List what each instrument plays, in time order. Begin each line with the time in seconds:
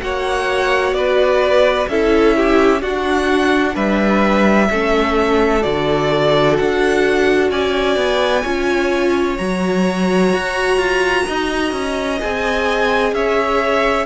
0.00 cello A#3, viola F#4, violin C#5 F#5
0.92 cello B3, violin B4 D5
1.88 cello C#4, viola E4, violin A4 E5
2.36 violin G4
2.81 viola D4, cello D4, violin F#4 F#5
3.74 cello G3, violin B4 E5
4.70 cello A3, viola C#4, violin A4
5.61 cello D3, viola F#4, violin D5
6.57 cello D4, violin F#5
7.50 cello C#4, violin D5 G#5
7.96 cello B3
8.41 cello C#4, viola F4, violin C#5
9.37 cello F#3, viola F#4, violin A#5
10.33 cello F#4
10.77 cello F4
11.26 cello D#4, violin D#5
11.72 cello C#4
12.19 cello C4, viola G#4, violin G#5
13.12 cello C#4, violin C#5 E5